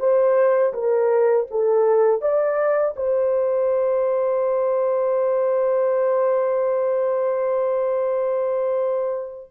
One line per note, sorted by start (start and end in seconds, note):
0.00 0.73 C5
0.74 1.47 A#4
1.51 2.22 A4
2.22 2.95 D5
2.96 9.52 C5